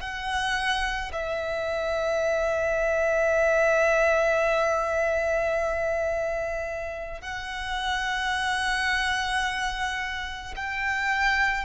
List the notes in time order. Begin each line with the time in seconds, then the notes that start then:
0.00 F#5
1.12 E5
7.21 F#5
10.56 G5